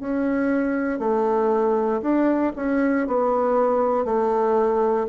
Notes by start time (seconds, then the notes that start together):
0.00 C#4
0.99 A3
2.02 D4
2.57 C#4
3.07 B3
4.05 A3